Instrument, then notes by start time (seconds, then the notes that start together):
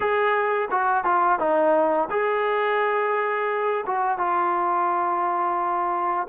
trombone
0.00 G#4
0.70 F#4
1.04 F4
1.39 D#4
2.10 G#4
3.86 F#4
4.18 F4